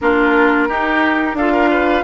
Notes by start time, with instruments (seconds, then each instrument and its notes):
0.01 bassoon A#3, clarinet D4, oboe F4, flute A#4
0.68 bassoon D#4, clarinet D#4, oboe G4
1.33 bassoon D4, clarinet F4, oboe A4, flute F5
1.52 oboe A#4
1.70 oboe B4